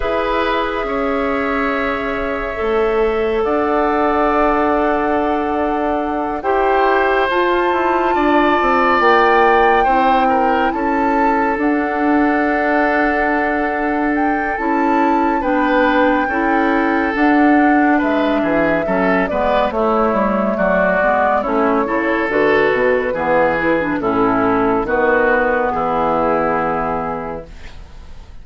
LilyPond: <<
  \new Staff \with { instrumentName = "flute" } { \time 4/4 \tempo 4 = 70 e''1 | fis''2.~ fis''8 g''8~ | g''8 a''2 g''4.~ | g''8 a''4 fis''2~ fis''8~ |
fis''8 g''8 a''4 g''2 | fis''4 e''4. d''8 cis''4 | d''4 cis''4 b'2 | a'4 b'4 gis'2 | }
  \new Staff \with { instrumentName = "oboe" } { \time 4/4 b'4 cis''2. | d''2.~ d''8 c''8~ | c''4. d''2 c''8 | ais'8 a'2.~ a'8~ |
a'2 b'4 a'4~ | a'4 b'8 gis'8 a'8 b'8 e'4 | fis'4 e'8 a'4. gis'4 | e'4 fis'4 e'2 | }
  \new Staff \with { instrumentName = "clarinet" } { \time 4/4 gis'2. a'4~ | a'2.~ a'8 g'8~ | g'8 f'2. e'8~ | e'4. d'2~ d'8~ |
d'4 e'4 d'4 e'4 | d'2 cis'8 b8 a4~ | a8 b8 cis'8 e'8 fis'4 b8 e'16 d'16 | cis'4 b2. | }
  \new Staff \with { instrumentName = "bassoon" } { \time 4/4 e'4 cis'2 a4 | d'2.~ d'8 e'8~ | e'8 f'8 e'8 d'8 c'8 ais4 c'8~ | c'8 cis'4 d'2~ d'8~ |
d'4 cis'4 b4 cis'4 | d'4 gis8 e8 fis8 gis8 a8 g8 | fis8 gis8 a8 cis8 d8 b,8 e4 | a,4 dis4 e2 | }
>>